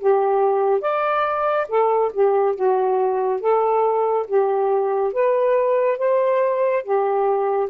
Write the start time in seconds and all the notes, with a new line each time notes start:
0.00 G4
0.81 D5
1.69 A4
2.13 G4
2.56 F#4
3.41 A4
4.27 G4
5.13 B4
5.99 C5
6.84 G4